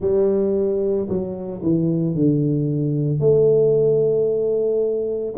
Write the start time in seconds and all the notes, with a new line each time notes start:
0.00 G3
1.08 F#3
1.62 E3
2.14 D3
3.19 A3